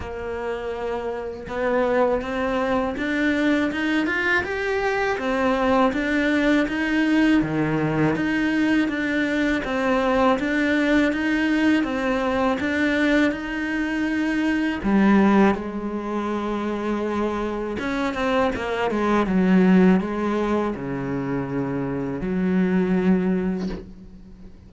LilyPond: \new Staff \with { instrumentName = "cello" } { \time 4/4 \tempo 4 = 81 ais2 b4 c'4 | d'4 dis'8 f'8 g'4 c'4 | d'4 dis'4 dis4 dis'4 | d'4 c'4 d'4 dis'4 |
c'4 d'4 dis'2 | g4 gis2. | cis'8 c'8 ais8 gis8 fis4 gis4 | cis2 fis2 | }